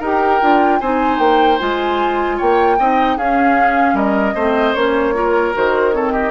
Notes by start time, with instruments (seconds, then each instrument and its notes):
0.00 bassoon D#4, clarinet G4, oboe A#4, flute G5
0.42 bassoon D4, clarinet F4
0.80 bassoon C4, clarinet D#4, oboe C5, flute G#5
1.19 bassoon A#3, flute G5
1.59 bassoon G#3, clarinet F4, flute G#5
2.37 bassoon A#3, oboe C#5, flute G5
2.79 bassoon C4, clarinet D#4, oboe D#5
3.18 bassoon C#4, clarinet C#4, oboe G#4, flute F5
3.94 bassoon G3, oboe A#4, flute D#5
4.35 bassoon A3, clarinet C4, oboe C5
4.75 bassoon A#3, clarinet C#4, flute C#5
5.15 clarinet F4, oboe A#4
5.53 bassoon D#3, clarinet F#4, flute C5
5.92 clarinet C4, oboe A4, flute C#5
6.12 oboe G4, flute D#5